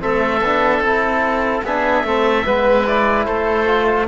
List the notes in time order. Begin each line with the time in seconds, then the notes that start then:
0.00 A3 C4 A4 E5
0.41 B3 D4
0.80 C4 E4 A4
1.64 B3 D4 G#4 E5
2.04 A3 C4 A4
2.44 G#3 B3 B4
2.87 E4 D5
3.25 A3 A4 C5
3.66 F4